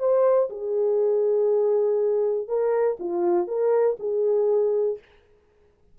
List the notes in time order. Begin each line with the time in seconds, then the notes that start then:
0.00 C5
0.50 G#4
2.48 A#4
3.00 F4
3.48 A#4
4.00 G#4